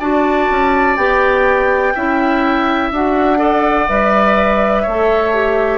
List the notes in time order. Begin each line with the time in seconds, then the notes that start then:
0.00 D4 F#4 D5 A5
0.50 C#4
0.96 B3 G4 G5
1.95 C#4 E4 E5
2.91 D4 F#4 F#5
3.37 A4 D5
3.89 G3 B4 E5
4.82 A3 C#5
4.89 A4
5.33 G4